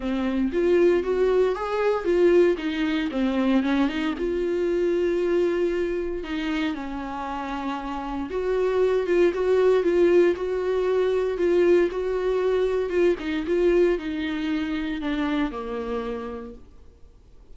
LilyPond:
\new Staff \with { instrumentName = "viola" } { \time 4/4 \tempo 4 = 116 c'4 f'4 fis'4 gis'4 | f'4 dis'4 c'4 cis'8 dis'8 | f'1 | dis'4 cis'2. |
fis'4. f'8 fis'4 f'4 | fis'2 f'4 fis'4~ | fis'4 f'8 dis'8 f'4 dis'4~ | dis'4 d'4 ais2 | }